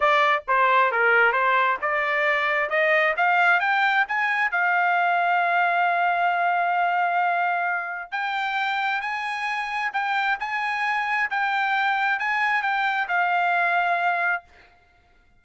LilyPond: \new Staff \with { instrumentName = "trumpet" } { \time 4/4 \tempo 4 = 133 d''4 c''4 ais'4 c''4 | d''2 dis''4 f''4 | g''4 gis''4 f''2~ | f''1~ |
f''2 g''2 | gis''2 g''4 gis''4~ | gis''4 g''2 gis''4 | g''4 f''2. | }